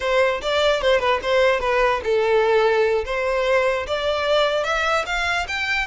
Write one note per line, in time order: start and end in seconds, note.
0.00 0.41 C5
0.41 0.81 D5
0.81 0.99 C5
0.99 1.20 B4
1.22 1.60 C5
1.60 2.00 B4
2.03 3.05 A4
3.05 3.86 C5
3.86 4.64 D5
4.64 5.04 E5
5.06 5.46 F5
5.48 5.86 G5